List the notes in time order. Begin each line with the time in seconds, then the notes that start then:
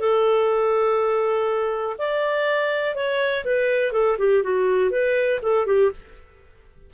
0.00 A4
1.98 D5
2.95 C#5
3.45 B4
3.92 A4
4.18 G4
4.43 F#4
4.91 B4
5.43 A4
5.66 G4